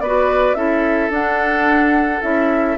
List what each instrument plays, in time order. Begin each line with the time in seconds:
0.00 bassoon B3, clarinet F#4, oboe B4, flute D5
0.54 bassoon C#4, clarinet E4, oboe A4, flute E5
1.09 bassoon D4, clarinet D4, flute F#5
2.21 bassoon C#4, clarinet E4, flute E5